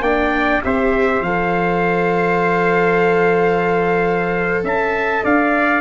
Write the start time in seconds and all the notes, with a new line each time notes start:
0.00 A#3 D4 D5 G5
0.64 C4 G4 C5 E5
1.20 F3 A4 F5
4.63 C#4 E5 A5
5.23 D4 D5 F5